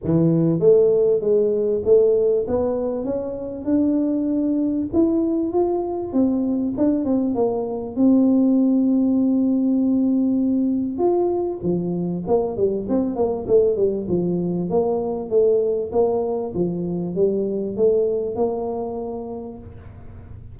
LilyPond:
\new Staff \with { instrumentName = "tuba" } { \time 4/4 \tempo 4 = 98 e4 a4 gis4 a4 | b4 cis'4 d'2 | e'4 f'4 c'4 d'8 c'8 | ais4 c'2.~ |
c'2 f'4 f4 | ais8 g8 c'8 ais8 a8 g8 f4 | ais4 a4 ais4 f4 | g4 a4 ais2 | }